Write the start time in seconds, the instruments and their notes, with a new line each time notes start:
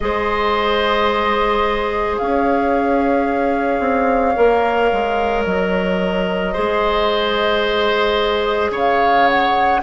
0.00 bassoon G#3, clarinet G#4, oboe C5, flute D#5
2.17 bassoon C#4, oboe C#5, flute F5
3.79 bassoon C4
4.35 bassoon A#3, clarinet A#4
4.92 bassoon G#3
5.45 bassoon F#3, flute D#5
6.52 bassoon G#3, clarinet G#4, oboe C5
8.70 bassoon C#3, oboe C#5, flute F5
9.27 flute F#5